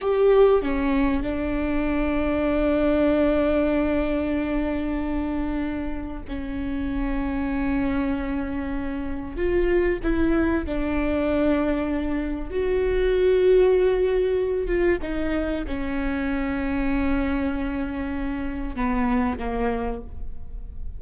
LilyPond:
\new Staff \with { instrumentName = "viola" } { \time 4/4 \tempo 4 = 96 g'4 cis'4 d'2~ | d'1~ | d'2 cis'2~ | cis'2. f'4 |
e'4 d'2. | fis'2.~ fis'8 f'8 | dis'4 cis'2.~ | cis'2 b4 ais4 | }